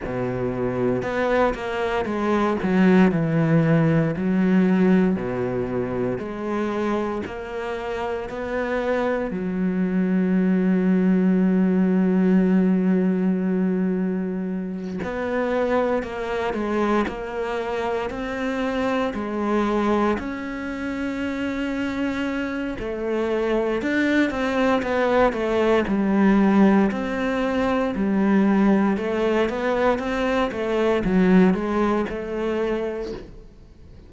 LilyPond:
\new Staff \with { instrumentName = "cello" } { \time 4/4 \tempo 4 = 58 b,4 b8 ais8 gis8 fis8 e4 | fis4 b,4 gis4 ais4 | b4 fis2.~ | fis2~ fis8 b4 ais8 |
gis8 ais4 c'4 gis4 cis'8~ | cis'2 a4 d'8 c'8 | b8 a8 g4 c'4 g4 | a8 b8 c'8 a8 fis8 gis8 a4 | }